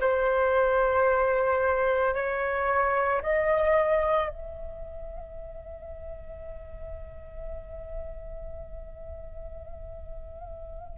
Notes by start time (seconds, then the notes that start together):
0.00 C5
2.14 C#5
3.22 D#5
4.29 E5